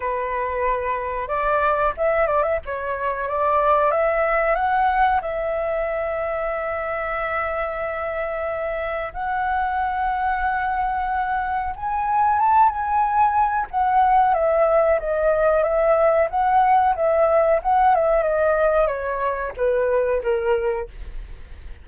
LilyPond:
\new Staff \with { instrumentName = "flute" } { \time 4/4 \tempo 4 = 92 b'2 d''4 e''8 d''16 e''16 | cis''4 d''4 e''4 fis''4 | e''1~ | e''2 fis''2~ |
fis''2 gis''4 a''8 gis''8~ | gis''4 fis''4 e''4 dis''4 | e''4 fis''4 e''4 fis''8 e''8 | dis''4 cis''4 b'4 ais'4 | }